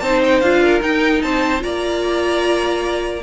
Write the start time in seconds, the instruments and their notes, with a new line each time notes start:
0.00 cello C4, viola D#4, violin C5 A5
0.24 violin G5
0.41 cello D4, viola F4, violin F5
0.63 violin A#4
0.81 viola D#4, cello D#4, violin G5
1.22 cello C4, violin C5 A5
1.59 cello A#3, viola F4, violin D5 A#5